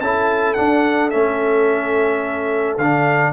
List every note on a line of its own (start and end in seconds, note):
0.00 0.57 C#4
0.00 0.56 E4
0.00 3.32 A4
0.00 0.54 A5
0.54 1.11 D4
0.54 1.14 D4
0.54 1.09 F#5
1.10 2.78 A3
1.10 2.78 C#4
1.10 2.77 E5
2.78 3.32 D3
2.78 3.32 D4
2.78 3.32 F5